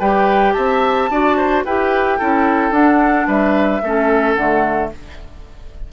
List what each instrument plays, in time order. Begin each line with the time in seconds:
0.00 bassoon G3, clarinet G4, oboe B4, flute G5
0.53 bassoon C4, oboe E5, flute A5
1.10 bassoon D4, clarinet F#4, oboe D5
1.37 oboe C5
1.65 bassoon E4, clarinet G4, oboe B4, flute G5
2.19 bassoon C#4, clarinet E4, oboe A4
2.71 bassoon D4, clarinet D4, flute F#5
3.28 bassoon G3, oboe B4, flute E5
3.83 bassoon A3, clarinet C#4, oboe A4
4.35 bassoon D3, clarinet A3, flute F#5